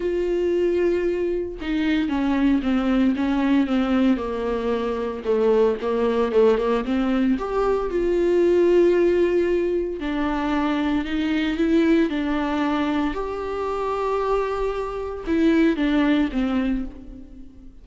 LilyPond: \new Staff \with { instrumentName = "viola" } { \time 4/4 \tempo 4 = 114 f'2. dis'4 | cis'4 c'4 cis'4 c'4 | ais2 a4 ais4 | a8 ais8 c'4 g'4 f'4~ |
f'2. d'4~ | d'4 dis'4 e'4 d'4~ | d'4 g'2.~ | g'4 e'4 d'4 c'4 | }